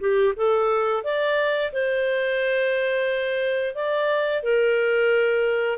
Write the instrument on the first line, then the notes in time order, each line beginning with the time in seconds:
clarinet
0.00 G4
0.36 A4
1.04 D5
1.72 C5
3.75 D5
4.43 A#4